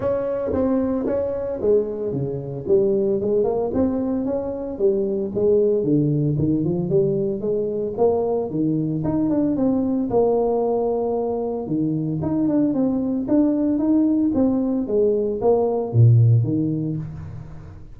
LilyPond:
\new Staff \with { instrumentName = "tuba" } { \time 4/4 \tempo 4 = 113 cis'4 c'4 cis'4 gis4 | cis4 g4 gis8 ais8 c'4 | cis'4 g4 gis4 d4 | dis8 f8 g4 gis4 ais4 |
dis4 dis'8 d'8 c'4 ais4~ | ais2 dis4 dis'8 d'8 | c'4 d'4 dis'4 c'4 | gis4 ais4 ais,4 dis4 | }